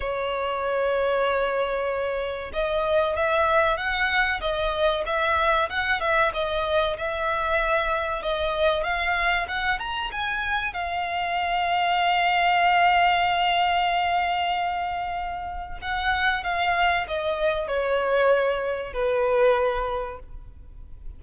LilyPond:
\new Staff \with { instrumentName = "violin" } { \time 4/4 \tempo 4 = 95 cis''1 | dis''4 e''4 fis''4 dis''4 | e''4 fis''8 e''8 dis''4 e''4~ | e''4 dis''4 f''4 fis''8 ais''8 |
gis''4 f''2.~ | f''1~ | f''4 fis''4 f''4 dis''4 | cis''2 b'2 | }